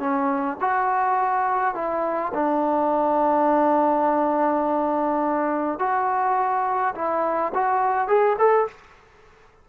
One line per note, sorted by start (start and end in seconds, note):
0.00 0.58 C#4
0.61 1.75 F#4
1.75 2.33 E4
2.34 5.80 D4
5.80 6.95 F#4
6.95 7.53 E4
7.55 8.08 F#4
8.08 8.37 G#4
8.39 8.68 A4